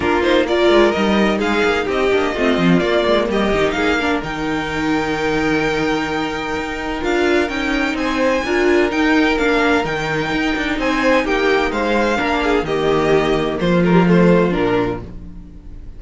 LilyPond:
<<
  \new Staff \with { instrumentName = "violin" } { \time 4/4 \tempo 4 = 128 ais'8 c''8 d''4 dis''4 f''4 | dis''2 d''4 dis''4 | f''4 g''2.~ | g''2. f''4 |
g''4 gis''2 g''4 | f''4 g''2 gis''4 | g''4 f''2 dis''4~ | dis''4 c''8 ais'8 c''4 ais'4 | }
  \new Staff \with { instrumentName = "violin" } { \time 4/4 f'4 ais'2 gis'4 | g'4 f'2 g'4 | gis'8 ais'2.~ ais'8~ | ais'1~ |
ais'4 c''4 ais'2~ | ais'2. c''4 | g'4 c''4 ais'8 gis'8 g'4~ | g'4 f'2. | }
  \new Staff \with { instrumentName = "viola" } { \time 4/4 d'8 dis'8 f'4 dis'2~ | dis'8 d'8 c'4 ais4. dis'8~ | dis'8 d'8 dis'2.~ | dis'2. f'4 |
dis'2 f'4 dis'4 | d'4 dis'2.~ | dis'2 d'4 ais4~ | ais4. a16 g16 a4 d'4 | }
  \new Staff \with { instrumentName = "cello" } { \time 4/4 ais4. gis8 g4 gis8 ais8 | c'8 ais8 a8 f8 ais8 gis8 g8 dis8 | ais4 dis2.~ | dis2 dis'4 d'4 |
cis'4 c'4 d'4 dis'4 | ais4 dis4 dis'8 d'8 c'4 | ais4 gis4 ais4 dis4~ | dis4 f2 ais,4 | }
>>